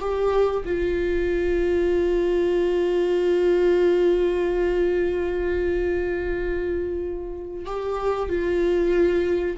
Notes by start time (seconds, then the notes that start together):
0.00 G4
0.65 F4
7.66 G4
8.29 F4